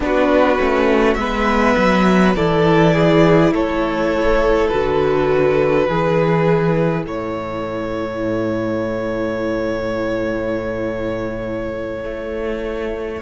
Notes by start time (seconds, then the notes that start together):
0.00 B3 D4 F#4 B4
0.59 A3 C#4
1.14 G#3 B3 E5
1.20 B4
1.77 F#3
2.35 E3 E4 A4 D5
2.94 G#4
3.52 A3 A4 C#5
4.68 D3 F#4 B4
5.87 E3 E4 G#4
7.05 A2 A4 C#5
12.03 A3